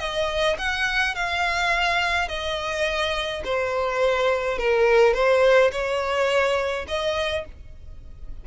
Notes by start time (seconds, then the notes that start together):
0.00 D#5
0.58 F#5
1.16 F5
2.29 D#5
3.45 C5
4.58 A#4
5.14 C5
5.72 C#5
6.88 D#5